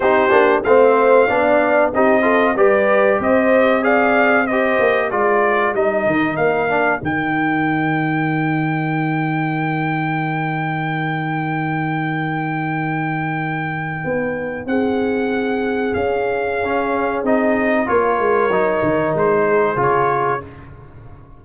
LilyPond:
<<
  \new Staff \with { instrumentName = "trumpet" } { \time 4/4 \tempo 4 = 94 c''4 f''2 dis''4 | d''4 dis''4 f''4 dis''4 | d''4 dis''4 f''4 g''4~ | g''1~ |
g''1~ | g''2. fis''4~ | fis''4 f''2 dis''4 | cis''2 c''4 cis''4 | }
  \new Staff \with { instrumentName = "horn" } { \time 4/4 g'4 c''4 d''4 g'8 a'8 | b'4 c''4 d''4 c''4 | ais'1~ | ais'1~ |
ais'1~ | ais'2. gis'4~ | gis'1 | ais'2~ ais'8 gis'4. | }
  \new Staff \with { instrumentName = "trombone" } { \time 4/4 dis'8 d'8 c'4 d'4 dis'8 f'8 | g'2 gis'4 g'4 | f'4 dis'4. d'8 dis'4~ | dis'1~ |
dis'1~ | dis'1~ | dis'2 cis'4 dis'4 | f'4 dis'2 f'4 | }
  \new Staff \with { instrumentName = "tuba" } { \time 4/4 c'8 ais8 a4 b4 c'4 | g4 c'2~ c'8 ais8 | gis4 g8 dis8 ais4 dis4~ | dis1~ |
dis1~ | dis2 b4 c'4~ | c'4 cis'2 c'4 | ais8 gis8 fis8 dis8 gis4 cis4 | }
>>